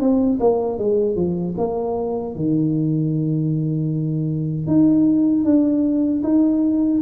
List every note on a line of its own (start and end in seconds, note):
0.00 0.39 C4
0.40 0.78 A#3
0.78 1.16 G#3
1.16 1.55 F3
1.58 2.36 A#3
2.36 4.67 D#3
4.67 5.44 D#4
5.44 6.22 D4
6.23 7.01 D#4